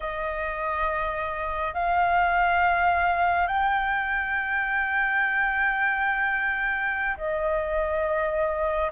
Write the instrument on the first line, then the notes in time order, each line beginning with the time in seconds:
flute
0.00 D#5
1.74 F5
3.47 G5
7.17 D#5